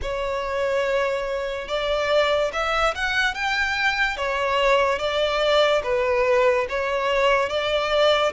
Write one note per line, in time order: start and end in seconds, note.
0.02 1.68 C#5
1.68 2.51 D5
2.52 2.94 E5
2.94 3.34 F#5
3.34 4.16 G5
4.16 4.98 C#5
4.98 5.81 D5
5.83 6.66 B4
6.69 7.48 C#5
7.48 8.32 D5